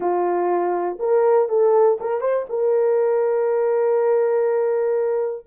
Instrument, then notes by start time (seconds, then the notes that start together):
horn
0.00 F4
0.99 A#4
1.48 A4
2.00 A#4
2.20 C5
2.49 A#4